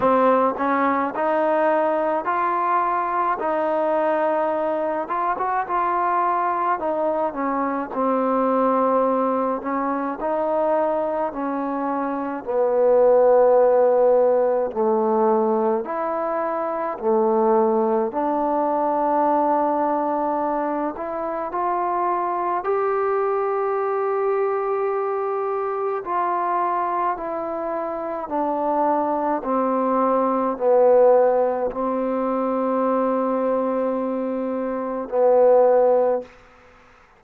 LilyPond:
\new Staff \with { instrumentName = "trombone" } { \time 4/4 \tempo 4 = 53 c'8 cis'8 dis'4 f'4 dis'4~ | dis'8 f'16 fis'16 f'4 dis'8 cis'8 c'4~ | c'8 cis'8 dis'4 cis'4 b4~ | b4 a4 e'4 a4 |
d'2~ d'8 e'8 f'4 | g'2. f'4 | e'4 d'4 c'4 b4 | c'2. b4 | }